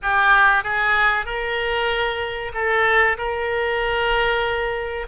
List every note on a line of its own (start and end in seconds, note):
0.02 0.63 G4
0.63 1.25 G#4
1.25 2.52 A#4
2.54 3.17 A4
3.18 5.07 A#4